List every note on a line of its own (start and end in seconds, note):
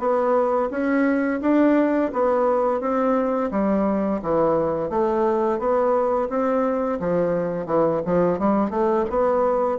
0.00 0.70 B3
0.71 1.41 C#4
1.42 2.12 D4
2.13 2.81 B3
2.81 3.51 C4
3.52 4.21 G3
4.23 4.90 E3
4.90 5.59 A3
5.59 6.29 B3
6.30 7.00 C4
7.00 7.67 F3
7.67 8.02 E3
8.06 8.39 F3
8.39 8.71 G3
8.71 9.06 A3
9.10 9.79 B3